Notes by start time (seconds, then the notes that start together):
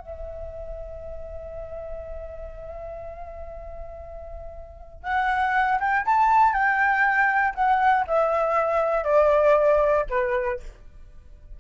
0.00 E5
5.04 F#5
5.80 G5
6.06 A5
6.53 G5
7.55 F#5
8.07 E5
9.04 D5
10.10 B4